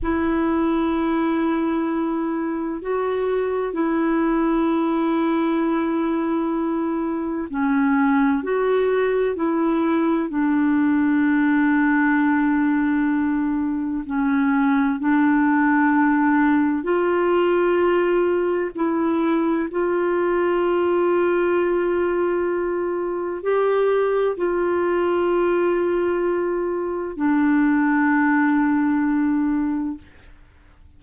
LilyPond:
\new Staff \with { instrumentName = "clarinet" } { \time 4/4 \tempo 4 = 64 e'2. fis'4 | e'1 | cis'4 fis'4 e'4 d'4~ | d'2. cis'4 |
d'2 f'2 | e'4 f'2.~ | f'4 g'4 f'2~ | f'4 d'2. | }